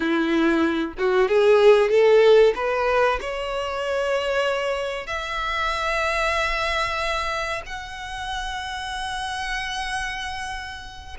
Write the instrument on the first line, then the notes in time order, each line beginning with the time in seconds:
violin
0.00 E4
0.98 F#4
1.28 G#4
1.89 A4
2.55 B4
3.20 C#5
5.06 E5
7.66 F#5